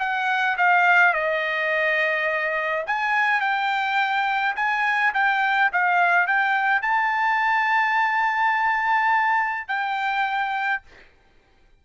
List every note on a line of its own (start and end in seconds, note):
0.00 0.57 F#5
0.58 1.14 F5
1.14 2.85 D#5
2.87 3.41 G#5
3.41 4.56 G5
4.56 5.14 G#5
5.14 5.71 G5
5.73 6.28 F5
6.28 6.82 G5
6.82 9.68 A5
9.68 10.83 G5